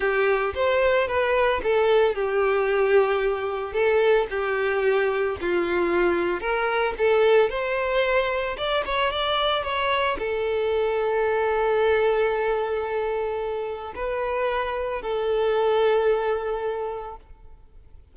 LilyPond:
\new Staff \with { instrumentName = "violin" } { \time 4/4 \tempo 4 = 112 g'4 c''4 b'4 a'4 | g'2. a'4 | g'2 f'2 | ais'4 a'4 c''2 |
d''8 cis''8 d''4 cis''4 a'4~ | a'1~ | a'2 b'2 | a'1 | }